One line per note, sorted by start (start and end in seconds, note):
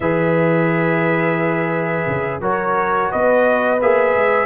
0.00 2.05 E3
0.00 2.41 G#4
0.00 2.41 B4
0.00 2.41 E5
2.06 2.40 C#3
2.40 3.09 F#3
2.40 3.79 F#4
2.40 3.10 A#4
2.40 3.11 C#5
3.11 3.81 B3
3.11 4.46 B4
3.11 3.80 D#5
3.81 4.14 A#3
3.81 4.46 G#4
3.81 4.46 E5
4.14 4.46 G#3